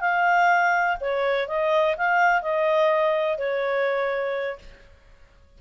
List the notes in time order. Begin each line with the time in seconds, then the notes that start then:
0.00 F5
1.00 C#5
1.48 D#5
1.97 F5
2.42 D#5
3.38 C#5